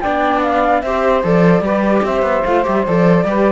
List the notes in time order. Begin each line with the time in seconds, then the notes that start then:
0.00 B3 D4 D5 G5
0.42 F5
0.81 C4 G4 C5 E5
1.23 F3 A4 D5
1.60 G3 G4 B4
2.02 C4 C5 E5
2.22 B3
2.45 A3 F4 F5
2.63 G3 G4 E5
2.86 F3 A4 D5
3.24 G3 G4 B4